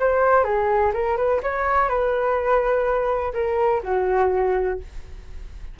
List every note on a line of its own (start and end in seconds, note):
0.00 0.44 C5
0.44 0.92 G#4
0.94 1.17 A#4
1.17 1.41 B4
1.43 1.89 C#5
1.89 3.33 B4
3.34 3.82 A#4
3.84 4.80 F#4